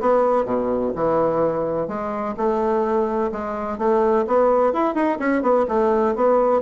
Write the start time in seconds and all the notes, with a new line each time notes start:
0.00 B3
0.45 B2
0.96 E3
1.88 G#3
2.37 A3
3.32 G#3
3.78 A3
4.27 B3
4.73 E4
4.95 D#4
5.19 C#4
5.42 B3
5.68 A3
6.15 B3